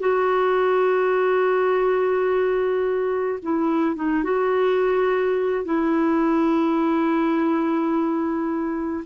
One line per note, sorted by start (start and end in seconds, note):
0.00 3.40 F#4
3.43 3.96 E4
3.96 4.24 D#4
4.24 5.65 F#4
5.65 9.05 E4